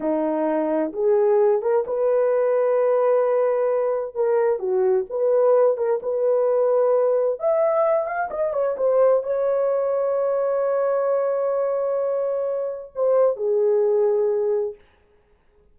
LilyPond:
\new Staff \with { instrumentName = "horn" } { \time 4/4 \tempo 4 = 130 dis'2 gis'4. ais'8 | b'1~ | b'4 ais'4 fis'4 b'4~ | b'8 ais'8 b'2. |
e''4. f''8 dis''8 cis''8 c''4 | cis''1~ | cis''1 | c''4 gis'2. | }